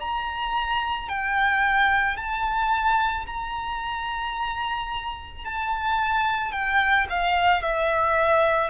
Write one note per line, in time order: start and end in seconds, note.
0.00 1.09 A#5
1.09 2.17 G5
2.17 3.26 A5
3.27 5.45 A#5
5.45 6.53 A5
6.53 7.07 G5
7.10 7.63 F5
7.63 8.70 E5